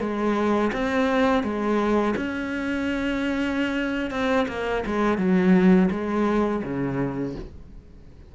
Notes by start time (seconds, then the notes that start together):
0.00 G#3
0.72 C4
1.43 G#3
2.16 C#4
4.11 C4
4.48 A#3
4.86 G#3
5.18 F#3
5.91 G#3
6.63 C#3